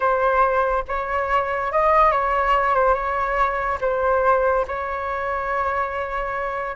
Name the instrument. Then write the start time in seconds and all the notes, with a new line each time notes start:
flute
0.00 C5
0.88 C#5
1.72 D#5
2.11 C#5
2.74 C5
2.94 C#5
3.80 C5
4.67 C#5